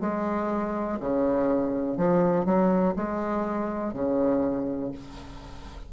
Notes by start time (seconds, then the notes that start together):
0.00 G#3
1.00 C#3
1.97 F3
2.45 F#3
2.96 G#3
3.93 C#3